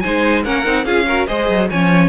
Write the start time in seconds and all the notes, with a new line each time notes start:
0.00 G#3 D#4 C5 G#5
0.43 A#3 C#4 A#4 F#5
0.64 C4 D#4
0.85 C#4 F4 G#4 F5
1.07 F#4 A#4
1.27 G#3 G#4 C5 D#5
1.49 F#3
1.70 F3 C#4 C#5 G#5